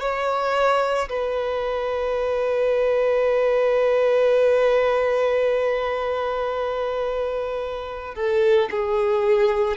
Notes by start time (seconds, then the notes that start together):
0.00 C#5
1.09 B4
8.15 A4
8.71 G#4